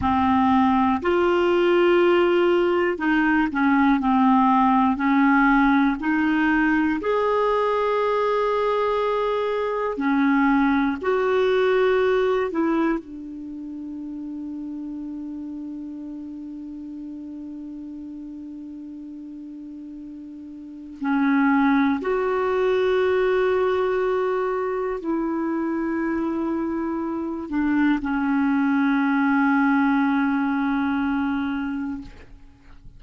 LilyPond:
\new Staff \with { instrumentName = "clarinet" } { \time 4/4 \tempo 4 = 60 c'4 f'2 dis'8 cis'8 | c'4 cis'4 dis'4 gis'4~ | gis'2 cis'4 fis'4~ | fis'8 e'8 d'2.~ |
d'1~ | d'4 cis'4 fis'2~ | fis'4 e'2~ e'8 d'8 | cis'1 | }